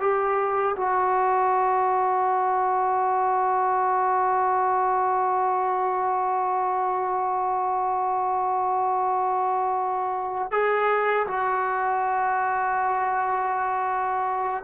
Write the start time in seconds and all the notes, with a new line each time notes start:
0.00 G4
0.76 F#4
10.51 G#4
11.27 F#4